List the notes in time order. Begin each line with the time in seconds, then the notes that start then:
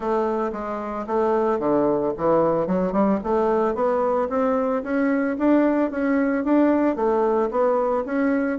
0.00 A3
0.52 G#3
1.07 A3
1.59 D3
2.17 E3
2.66 F#3
2.92 G3
3.23 A3
3.75 B3
4.29 C4
4.83 C#4
5.38 D4
5.90 C#4
6.44 D4
6.96 A3
7.50 B3
8.05 C#4